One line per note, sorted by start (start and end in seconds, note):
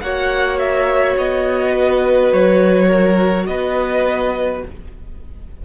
0.00 1.16 A#3
0.00 4.65 F#4
0.00 1.71 C#5
0.00 0.58 F#5
0.58 1.16 E5
1.17 2.32 B3
1.17 2.33 D#5
1.71 2.87 B4
2.32 3.47 F#3
2.32 3.46 C#5
2.87 3.45 A#4
3.46 4.63 B3
3.46 4.65 B4
3.46 4.62 D#5